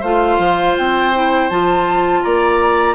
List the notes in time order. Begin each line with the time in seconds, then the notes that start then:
0.00 A3 F4 C5 F5
0.38 F3
0.77 C4 G5
1.14 E4
1.50 F3 F4 A5
2.23 A#3 D5 A#5